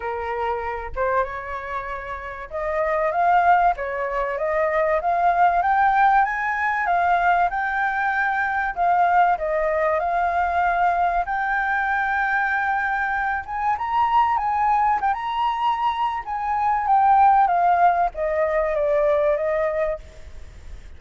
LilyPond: \new Staff \with { instrumentName = "flute" } { \time 4/4 \tempo 4 = 96 ais'4. c''8 cis''2 | dis''4 f''4 cis''4 dis''4 | f''4 g''4 gis''4 f''4 | g''2 f''4 dis''4 |
f''2 g''2~ | g''4. gis''8 ais''4 gis''4 | g''16 ais''4.~ ais''16 gis''4 g''4 | f''4 dis''4 d''4 dis''4 | }